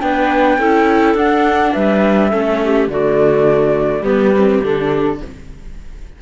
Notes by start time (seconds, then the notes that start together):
0.00 B3 D4 B4 G5
0.58 C#4 E4 A4
1.14 D4 F#5
1.73 G3 B4 E5
2.30 A3 C#4 A4
2.63 G4
2.87 D3 A3 F#4 D5
4.01 G3 B3 G4 B4
4.36 C4
4.63 D3 D4 A4